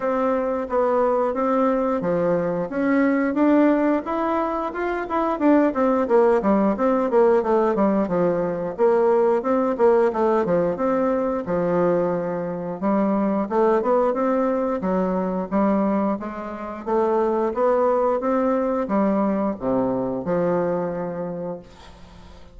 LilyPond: \new Staff \with { instrumentName = "bassoon" } { \time 4/4 \tempo 4 = 89 c'4 b4 c'4 f4 | cis'4 d'4 e'4 f'8 e'8 | d'8 c'8 ais8 g8 c'8 ais8 a8 g8 | f4 ais4 c'8 ais8 a8 f8 |
c'4 f2 g4 | a8 b8 c'4 fis4 g4 | gis4 a4 b4 c'4 | g4 c4 f2 | }